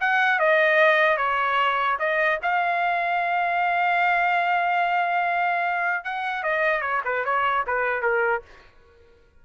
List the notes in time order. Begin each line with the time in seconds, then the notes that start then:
0.00 F#5
0.39 D#5
1.17 C#5
1.99 D#5
2.42 F5
6.04 F#5
6.43 D#5
6.81 C#5
7.05 B4
7.24 C#5
7.66 B4
8.02 A#4